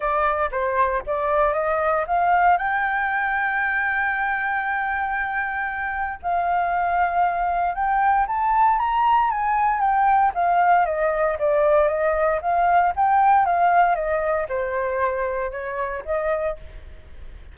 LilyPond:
\new Staff \with { instrumentName = "flute" } { \time 4/4 \tempo 4 = 116 d''4 c''4 d''4 dis''4 | f''4 g''2.~ | g''1 | f''2. g''4 |
a''4 ais''4 gis''4 g''4 | f''4 dis''4 d''4 dis''4 | f''4 g''4 f''4 dis''4 | c''2 cis''4 dis''4 | }